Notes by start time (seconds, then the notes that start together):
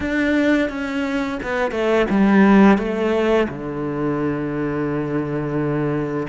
0.00 D4
0.69 C#4
1.42 B3
1.71 A3
2.09 G3
2.77 A3
3.48 D3